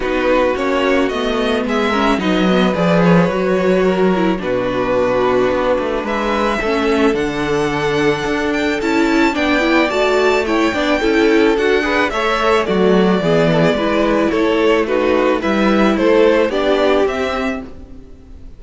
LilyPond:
<<
  \new Staff \with { instrumentName = "violin" } { \time 4/4 \tempo 4 = 109 b'4 cis''4 dis''4 e''4 | dis''4 d''8 cis''2~ cis''8 | b'2. e''4~ | e''4 fis''2~ fis''8 g''8 |
a''4 g''4 a''4 g''4~ | g''4 fis''4 e''4 d''4~ | d''2 cis''4 b'4 | e''4 c''4 d''4 e''4 | }
  \new Staff \with { instrumentName = "violin" } { \time 4/4 fis'2. gis'8 ais'8 | b'2. ais'4 | fis'2. b'4 | a'1~ |
a'4 d''2 cis''8 d''8 | a'4. b'8 cis''4 fis'4 | gis'8 a'16 gis'16 b'4 a'4 fis'4 | b'4 a'4 g'2 | }
  \new Staff \with { instrumentName = "viola" } { \time 4/4 dis'4 cis'4 b4. cis'8 | dis'8 b8 gis'4 fis'4. e'8 | d'1 | cis'4 d'2. |
e'4 d'8 e'8 fis'4 e'8 d'8 | e'4 fis'8 gis'8 a'4 a4 | b4 e'2 dis'4 | e'2 d'4 c'4 | }
  \new Staff \with { instrumentName = "cello" } { \time 4/4 b4 ais4 a4 gis4 | fis4 f4 fis2 | b,2 b8 a8 gis4 | a4 d2 d'4 |
cis'4 b4 a4. b8 | cis'4 d'4 a4 fis4 | e4 gis4 a2 | g4 a4 b4 c'4 | }
>>